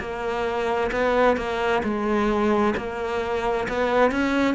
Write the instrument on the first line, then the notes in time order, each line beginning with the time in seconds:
cello
0.00 A#3
0.92 B3
1.37 A#3
1.83 G#3
2.77 A#3
3.69 B3
4.11 C#4